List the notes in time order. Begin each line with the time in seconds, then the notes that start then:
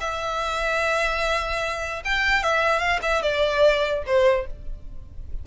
0.00 E5
2.05 G5
2.43 E5
2.79 F5
3.02 E5
3.22 D5
4.06 C5